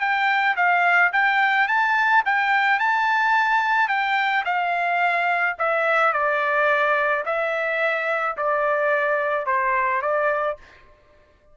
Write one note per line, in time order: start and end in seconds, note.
0.00 0.56 G5
0.56 1.12 F5
1.13 1.68 G5
1.68 2.23 A5
2.26 2.80 G5
2.80 3.88 A5
3.88 4.44 G5
4.45 5.56 F5
5.59 6.13 E5
6.13 7.24 D5
7.26 8.37 E5
8.37 9.46 D5
9.46 10.02 C5
10.02 10.57 D5